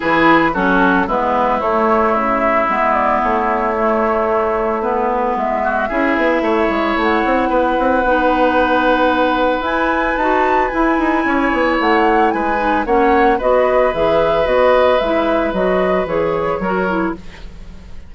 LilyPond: <<
  \new Staff \with { instrumentName = "flute" } { \time 4/4 \tempo 4 = 112 b'4 a'4 b'4 cis''4 | e''4. d''8 cis''2~ | cis''4 b'4 e''2~ | e''4 fis''2.~ |
fis''2 gis''4 a''4 | gis''2 fis''4 gis''4 | fis''4 dis''4 e''4 dis''4 | e''4 dis''4 cis''2 | }
  \new Staff \with { instrumentName = "oboe" } { \time 4/4 gis'4 fis'4 e'2~ | e'1~ | e'2~ e'8 fis'8 gis'4 | cis''2 b'2~ |
b'1~ | b'4 cis''2 b'4 | cis''4 b'2.~ | b'2. ais'4 | }
  \new Staff \with { instrumentName = "clarinet" } { \time 4/4 e'4 cis'4 b4 a4~ | a4 b2 a4~ | a4 b2 e'4~ | e'2. dis'4~ |
dis'2 e'4 fis'4 | e'2.~ e'8 dis'8 | cis'4 fis'4 gis'4 fis'4 | e'4 fis'4 gis'4 fis'8 e'8 | }
  \new Staff \with { instrumentName = "bassoon" } { \time 4/4 e4 fis4 gis4 a4 | cis4 gis4 a2~ | a2 gis4 cis'8 b8 | a8 gis8 a8 c'8 b8 c'8 b4~ |
b2 e'4 dis'4 | e'8 dis'8 cis'8 b8 a4 gis4 | ais4 b4 e4 b4 | gis4 fis4 e4 fis4 | }
>>